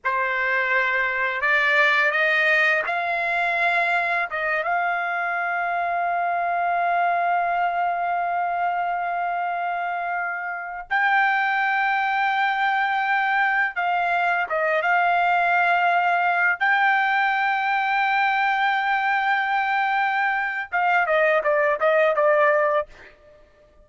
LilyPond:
\new Staff \with { instrumentName = "trumpet" } { \time 4/4 \tempo 4 = 84 c''2 d''4 dis''4 | f''2 dis''8 f''4.~ | f''1~ | f''2.~ f''16 g''8.~ |
g''2.~ g''16 f''8.~ | f''16 dis''8 f''2~ f''8 g''8.~ | g''1~ | g''4 f''8 dis''8 d''8 dis''8 d''4 | }